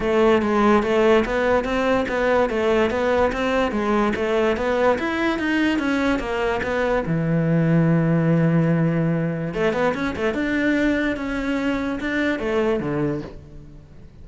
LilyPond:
\new Staff \with { instrumentName = "cello" } { \time 4/4 \tempo 4 = 145 a4 gis4 a4 b4 | c'4 b4 a4 b4 | c'4 gis4 a4 b4 | e'4 dis'4 cis'4 ais4 |
b4 e2.~ | e2. a8 b8 | cis'8 a8 d'2 cis'4~ | cis'4 d'4 a4 d4 | }